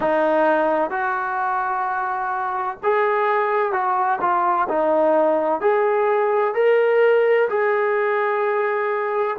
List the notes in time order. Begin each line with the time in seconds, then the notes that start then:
0.00 D#4
0.90 F#4
2.83 G#4
3.72 F#4
4.20 F4
4.68 D#4
5.60 G#4
6.54 A#4
7.49 G#4